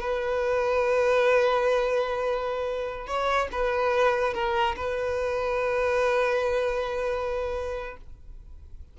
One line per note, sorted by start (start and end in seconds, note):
0.00 3.07 B4
3.07 3.48 C#5
3.52 4.34 B4
4.34 4.75 A#4
4.76 7.97 B4